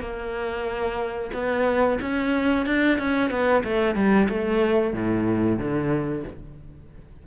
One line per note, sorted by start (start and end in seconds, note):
0.00 1.30 A#3
1.33 1.99 B3
2.01 2.66 C#4
2.66 2.98 D4
2.98 3.30 C#4
3.30 3.63 B3
3.64 3.95 A3
3.95 4.28 G3
4.28 4.93 A3
4.93 5.58 A2
5.58 6.24 D3